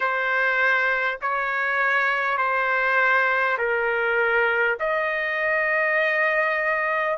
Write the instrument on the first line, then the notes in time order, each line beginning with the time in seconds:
trumpet
0.00 C5
1.21 C#5
2.37 C5
3.57 A#4
4.79 D#5